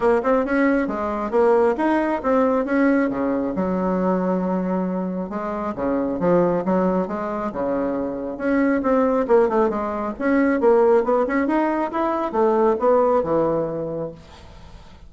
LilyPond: \new Staff \with { instrumentName = "bassoon" } { \time 4/4 \tempo 4 = 136 ais8 c'8 cis'4 gis4 ais4 | dis'4 c'4 cis'4 cis4 | fis1 | gis4 cis4 f4 fis4 |
gis4 cis2 cis'4 | c'4 ais8 a8 gis4 cis'4 | ais4 b8 cis'8 dis'4 e'4 | a4 b4 e2 | }